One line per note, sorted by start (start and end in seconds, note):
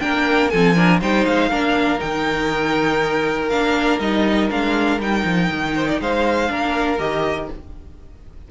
0.00 0.52 A#3
0.00 0.50 D4
0.00 0.51 A#4
0.00 0.49 G5
0.49 1.01 F3
0.49 0.75 C4
0.49 0.75 A4
0.49 0.99 G#5
0.75 1.00 D4
0.75 1.00 A#4
1.01 1.26 G3
1.01 1.51 D#4
1.01 1.49 C5
1.01 1.26 G5
1.26 1.50 G#3
1.26 2.00 F5
1.49 2.00 A#3
1.49 1.98 D4
1.49 5.74 A#4
1.98 3.50 D#3
1.98 3.48 D#4
1.98 3.49 G5
3.49 3.99 A#3
3.49 4.00 D4
3.49 3.99 F5
3.99 4.49 G3
3.99 4.50 D#4
3.99 4.50 D#5
4.50 4.98 G#3
4.50 5.00 D4
4.50 5.01 F5
4.98 5.23 G3
4.98 6.48 D#4
4.98 6.01 G5
5.24 5.49 F3
5.50 6.00 D#3
5.75 5.87 C5
5.87 6.00 D5
6.00 6.50 G#3
6.00 6.51 C5
6.00 6.99 F5
6.48 6.99 A#3
6.48 6.98 D4
6.48 7.51 A#4
6.98 7.49 D#3
6.98 7.48 G4
6.98 7.49 D#5